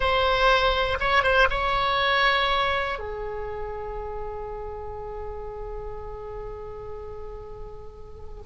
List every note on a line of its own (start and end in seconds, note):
0.00 0.98 C5
1.00 1.23 C#5
1.23 1.48 C5
1.50 2.98 C#5
2.98 8.44 G#4